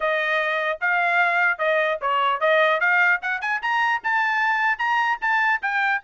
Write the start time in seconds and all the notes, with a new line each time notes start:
0.00 D#5
0.80 F5
1.58 D#5
2.01 C#5
2.40 D#5
2.80 F5
3.22 F#5
3.41 G#5
3.62 A#5
4.03 A5
4.78 A#5
5.21 A5
5.62 G5